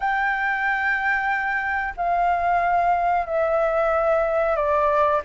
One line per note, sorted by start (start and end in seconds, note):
0.00 1.94 G5
1.97 3.26 F5
3.26 4.55 E5
4.55 5.21 D5